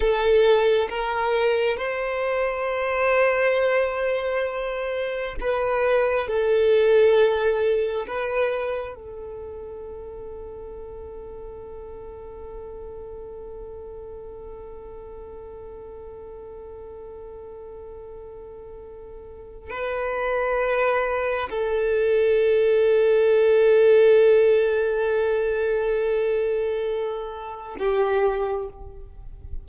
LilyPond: \new Staff \with { instrumentName = "violin" } { \time 4/4 \tempo 4 = 67 a'4 ais'4 c''2~ | c''2 b'4 a'4~ | a'4 b'4 a'2~ | a'1~ |
a'1~ | a'2 b'2 | a'1~ | a'2. g'4 | }